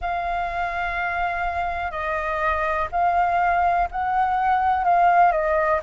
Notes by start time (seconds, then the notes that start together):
0.00 F5
1.91 D#5
2.91 F5
3.91 F#5
4.84 F5
5.32 D#5